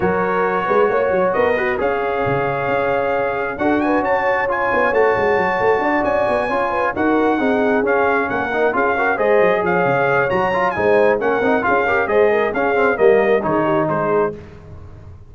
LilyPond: <<
  \new Staff \with { instrumentName = "trumpet" } { \time 4/4 \tempo 4 = 134 cis''2. dis''4 | f''1 | fis''8 gis''8 a''4 gis''4 a''4~ | a''4. gis''2 fis''8~ |
fis''4. f''4 fis''4 f''8~ | f''8 dis''4 f''4. ais''4 | gis''4 fis''4 f''4 dis''4 | f''4 dis''4 cis''4 c''4 | }
  \new Staff \with { instrumentName = "horn" } { \time 4/4 ais'4. b'8 cis''4 ais'8 fis'8 | cis''1 | a'8 b'8 cis''2.~ | cis''4 d''4. cis''8 b'8 ais'8~ |
ais'8 gis'2 ais'4 gis'8 | ais'8 c''4 cis''2~ cis''8 | c''4 ais'4 gis'8 ais'8 c''8 ais'8 | gis'4 ais'4 gis'8 g'8 gis'4 | }
  \new Staff \with { instrumentName = "trombone" } { \time 4/4 fis'2.~ fis'8 b'8 | gis'1 | fis'2 f'4 fis'4~ | fis'2~ fis'8 f'4 fis'8~ |
fis'8 dis'4 cis'4. dis'8 f'8 | fis'8 gis'2~ gis'8 fis'8 f'8 | dis'4 cis'8 dis'8 f'8 g'8 gis'4 | cis'8 c'8 ais4 dis'2 | }
  \new Staff \with { instrumentName = "tuba" } { \time 4/4 fis4. gis8 ais8 fis8 b4 | cis'4 cis4 cis'2 | d'4 cis'4. b8 a8 gis8 | fis8 a8 d'8 cis'8 b8 cis'4 dis'8~ |
dis'8 c'4 cis'4 ais4 cis'8~ | cis'8 gis8 fis8 f8 cis4 fis4 | gis4 ais8 c'8 cis'4 gis4 | cis'4 g4 dis4 gis4 | }
>>